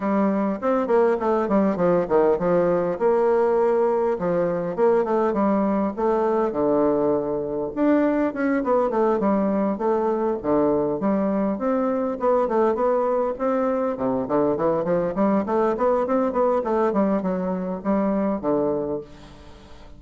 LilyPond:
\new Staff \with { instrumentName = "bassoon" } { \time 4/4 \tempo 4 = 101 g4 c'8 ais8 a8 g8 f8 dis8 | f4 ais2 f4 | ais8 a8 g4 a4 d4~ | d4 d'4 cis'8 b8 a8 g8~ |
g8 a4 d4 g4 c'8~ | c'8 b8 a8 b4 c'4 c8 | d8 e8 f8 g8 a8 b8 c'8 b8 | a8 g8 fis4 g4 d4 | }